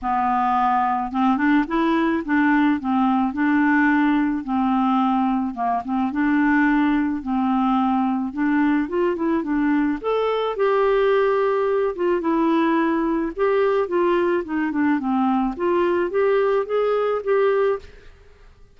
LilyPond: \new Staff \with { instrumentName = "clarinet" } { \time 4/4 \tempo 4 = 108 b2 c'8 d'8 e'4 | d'4 c'4 d'2 | c'2 ais8 c'8 d'4~ | d'4 c'2 d'4 |
f'8 e'8 d'4 a'4 g'4~ | g'4. f'8 e'2 | g'4 f'4 dis'8 d'8 c'4 | f'4 g'4 gis'4 g'4 | }